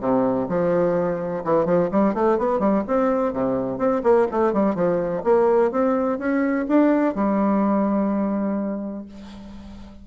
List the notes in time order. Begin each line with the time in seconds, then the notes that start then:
0.00 C3
0.48 F3
1.44 E3
1.65 F3
1.91 G3
2.14 A3
2.38 B3
2.59 G3
2.87 C4
3.33 C3
3.78 C4
4.03 A#3
4.31 A3
4.53 G3
4.74 F3
5.23 A#3
5.71 C4
6.18 C#4
6.68 D4
7.14 G3